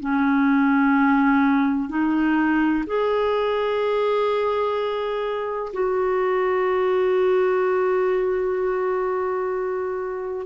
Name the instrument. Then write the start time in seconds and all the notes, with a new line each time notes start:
clarinet
0.00 C#4
1.89 D#4
2.87 G#4
5.73 F#4